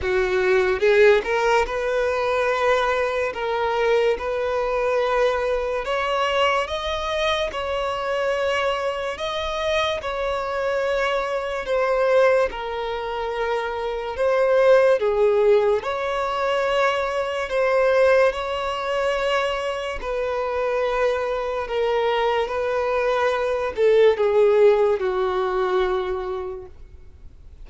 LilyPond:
\new Staff \with { instrumentName = "violin" } { \time 4/4 \tempo 4 = 72 fis'4 gis'8 ais'8 b'2 | ais'4 b'2 cis''4 | dis''4 cis''2 dis''4 | cis''2 c''4 ais'4~ |
ais'4 c''4 gis'4 cis''4~ | cis''4 c''4 cis''2 | b'2 ais'4 b'4~ | b'8 a'8 gis'4 fis'2 | }